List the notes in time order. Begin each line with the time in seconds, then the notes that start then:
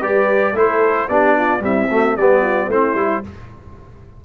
0.00 G3 G4 B4 D5
0.53 A3 E4 A4 C5
1.09 B3 D4 G4 D5
1.36 F4
1.60 G3 C4 E4 E5
1.90 A3 F#4
2.17 G3 B3 G4 D5
2.42 F4
2.68 A3 C4 E4 C5
2.95 G3 E4